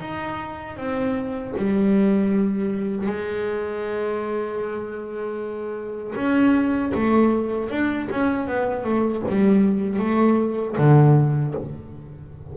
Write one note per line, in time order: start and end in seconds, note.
0.00 0.76 D#4
0.76 1.53 C4
1.57 3.06 G3
3.06 6.14 G#3
6.15 6.92 C#4
6.94 7.70 A3
7.70 8.08 D4
8.10 8.47 C#4
8.47 8.84 B3
8.84 9.22 A3
9.28 9.99 G3
9.99 10.76 A3
10.77 11.54 D3